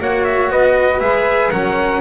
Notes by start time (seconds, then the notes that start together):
0.00 A#3 F#4 C#5 F#5
0.25 E5
0.50 B3 B4 D#5
1.00 G#3 G#4 E5
1.51 F#3 C#4 A#4 F#5